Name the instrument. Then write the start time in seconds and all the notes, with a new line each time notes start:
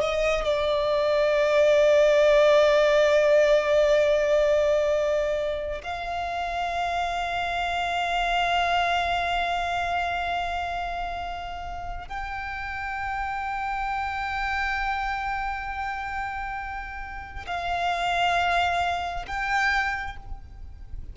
violin
0.00 D#5
0.44 D5
5.83 F5
12.08 G5
17.46 F5
19.27 G5